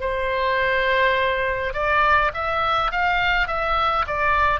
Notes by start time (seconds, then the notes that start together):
0.00 C5
1.73 D5
2.33 E5
2.91 F5
3.47 E5
4.06 D5